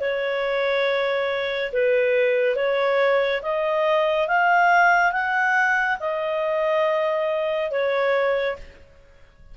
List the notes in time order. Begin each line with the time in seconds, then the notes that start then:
0.00 C#5
1.72 B4
2.56 C#5
3.42 D#5
4.27 F5
5.12 F#5
5.99 D#5
7.71 C#5